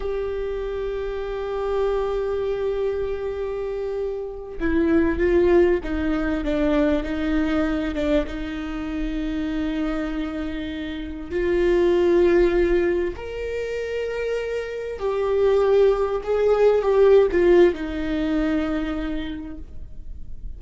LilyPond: \new Staff \with { instrumentName = "viola" } { \time 4/4 \tempo 4 = 98 g'1~ | g'2.~ g'8 e'8~ | e'8 f'4 dis'4 d'4 dis'8~ | dis'4 d'8 dis'2~ dis'8~ |
dis'2~ dis'8 f'4.~ | f'4. ais'2~ ais'8~ | ais'8 g'2 gis'4 g'8~ | g'16 f'8. dis'2. | }